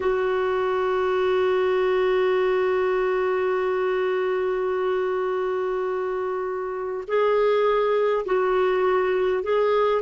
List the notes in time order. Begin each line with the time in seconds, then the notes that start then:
0.00 F#4
7.07 G#4
8.25 F#4
9.43 G#4